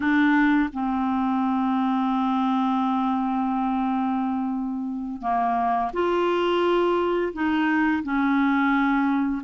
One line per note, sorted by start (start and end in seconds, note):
0.00 0.69 D4
0.72 5.21 C4
5.21 5.91 A#3
5.93 7.32 F4
7.33 8.02 D#4
8.03 9.42 C#4